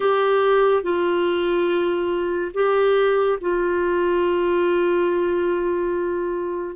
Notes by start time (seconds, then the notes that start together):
0.00 G4
0.82 F4
2.54 G4
3.40 F4